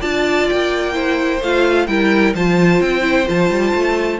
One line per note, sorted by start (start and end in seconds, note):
0.00 0.50 D4
0.00 0.93 F4
0.00 0.93 D5
0.00 0.48 A5
0.49 1.41 A#3
0.49 1.42 G5
0.93 1.39 E4
0.93 1.87 C5
1.41 1.87 A3
1.41 1.88 F4
1.41 1.87 F5
1.87 2.34 G3
1.87 2.35 E4
1.87 2.35 A#4
1.87 2.34 G5
2.35 2.81 F3
2.35 3.01 F4
2.35 4.20 C5
2.35 2.81 A5
2.81 3.27 C4
2.81 3.28 G5
3.01 3.25 E4
3.26 3.50 F3
3.26 4.19 F4
3.26 4.20 A5
3.50 3.73 G3
3.74 4.20 A3